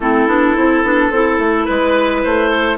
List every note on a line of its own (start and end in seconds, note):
0.00 0.27 A3
0.00 0.28 C4
0.00 1.11 E4
0.00 1.64 A4
0.27 0.55 B3
0.27 0.56 D4
0.56 0.83 C4
0.56 0.84 E4
0.83 1.10 B3
0.83 1.11 D4
1.10 1.38 C4
1.10 2.77 E4
1.10 1.67 A4
1.38 1.66 A3
1.64 2.25 G#3
1.64 2.20 B4
1.64 2.50 B4
2.23 2.77 A3
2.23 2.77 C5
2.50 2.77 A4